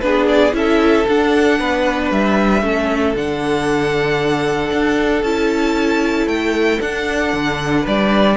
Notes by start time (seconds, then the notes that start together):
0.00 B3 D4 G#4 B4
0.28 D5
0.52 C#4 E4 A4 E5
1.08 D4 F#5
1.59 B3 B4
2.11 G3 E5
2.62 A3 C#4 A4
3.15 D3 D4 F#5
4.72 D4
5.23 C#4 E4 A5
6.27 A3 G5
6.80 D4 F#5
7.33 D3
7.82 G3 B4 D5